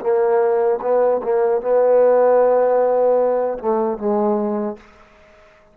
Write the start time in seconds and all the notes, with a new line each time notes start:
0.00 A#3
0.81 B3
1.23 A#3
1.61 B3
3.58 A3
3.98 G#3